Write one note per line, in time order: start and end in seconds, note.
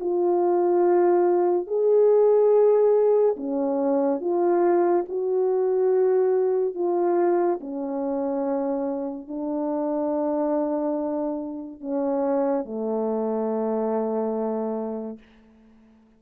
0.00 1.67 F4
1.67 3.36 G#4
3.36 4.21 C#4
4.21 5.05 F4
5.09 6.75 F#4
6.75 7.59 F4
7.61 9.28 C#4
9.28 11.80 D4
11.80 12.65 C#4
12.65 15.18 A3